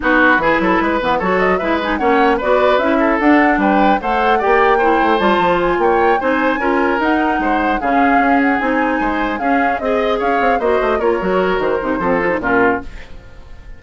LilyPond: <<
  \new Staff \with { instrumentName = "flute" } { \time 4/4 \tempo 4 = 150 b'2. cis''8 dis''8 | e''8 gis''8 fis''4 d''4 e''4 | fis''4 g''4 fis''4 g''4~ | g''4 a''4 gis''8 g''4 gis''8~ |
gis''4. fis''2 f''8~ | f''4 fis''8 gis''2 f''8~ | f''8 dis''4 f''4 dis''4 cis''8~ | cis''4 c''2 ais'4 | }
  \new Staff \with { instrumentName = "oboe" } { \time 4/4 fis'4 gis'8 a'8 b'4 a'4 | b'4 cis''4 b'4. a'8~ | a'4 b'4 c''4 d''4 | c''2~ c''8 cis''4 c''8~ |
c''8 ais'2 c''4 gis'8~ | gis'2~ gis'8 c''4 gis'8~ | gis'8 dis''4 cis''4 c''4 ais'8~ | ais'2 a'4 f'4 | }
  \new Staff \with { instrumentName = "clarinet" } { \time 4/4 dis'4 e'4. b8 fis'4 | e'8 dis'8 cis'4 fis'4 e'4 | d'2 a'4 g'4 | e'4 f'2~ f'8 dis'8~ |
dis'8 f'4 dis'2 cis'8~ | cis'4. dis'2 cis'8~ | cis'8 gis'2 fis'4 f'8 | fis'4. dis'8 c'8 f'16 dis'16 cis'4 | }
  \new Staff \with { instrumentName = "bassoon" } { \time 4/4 b4 e8 fis8 gis8 e8 fis4 | gis4 ais4 b4 cis'4 | d'4 g4 a4 ais4~ | ais8 a8 g8 f4 ais4 c'8~ |
c'8 cis'4 dis'4 gis4 cis8~ | cis8 cis'4 c'4 gis4 cis'8~ | cis'8 c'4 cis'8 c'8 ais8 a8 ais8 | fis4 dis8 c8 f4 ais,4 | }
>>